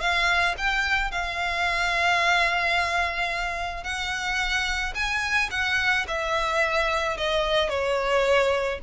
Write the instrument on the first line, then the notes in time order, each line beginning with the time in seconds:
violin
0.00 F5
0.57 G5
1.11 F5
3.83 F#5
4.94 G#5
5.50 F#5
6.07 E5
7.17 D#5
7.69 C#5